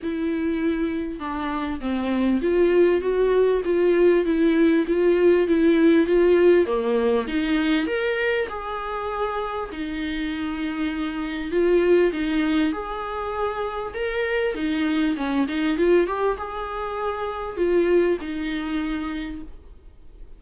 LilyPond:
\new Staff \with { instrumentName = "viola" } { \time 4/4 \tempo 4 = 99 e'2 d'4 c'4 | f'4 fis'4 f'4 e'4 | f'4 e'4 f'4 ais4 | dis'4 ais'4 gis'2 |
dis'2. f'4 | dis'4 gis'2 ais'4 | dis'4 cis'8 dis'8 f'8 g'8 gis'4~ | gis'4 f'4 dis'2 | }